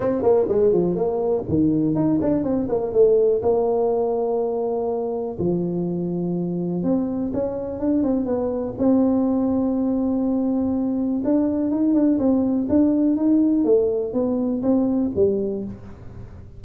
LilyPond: \new Staff \with { instrumentName = "tuba" } { \time 4/4 \tempo 4 = 123 c'8 ais8 gis8 f8 ais4 dis4 | dis'8 d'8 c'8 ais8 a4 ais4~ | ais2. f4~ | f2 c'4 cis'4 |
d'8 c'8 b4 c'2~ | c'2. d'4 | dis'8 d'8 c'4 d'4 dis'4 | a4 b4 c'4 g4 | }